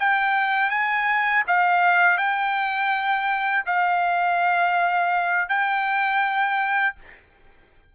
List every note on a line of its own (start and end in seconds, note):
0.00 0.71 G5
0.71 1.44 G#5
1.47 2.18 F5
2.18 3.64 G5
3.66 5.49 F5
5.49 6.95 G5